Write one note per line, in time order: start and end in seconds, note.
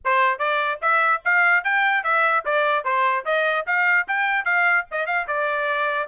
0.04 0.38 C5
0.38 0.79 D5
0.81 1.22 E5
1.25 1.64 F5
1.64 2.03 G5
2.03 2.44 E5
2.45 2.84 D5
2.84 3.24 C5
3.25 3.66 D#5
3.66 4.07 F5
4.07 4.44 G5
4.44 4.85 F5
4.91 5.06 D#5
5.06 5.26 F5
5.27 6.07 D5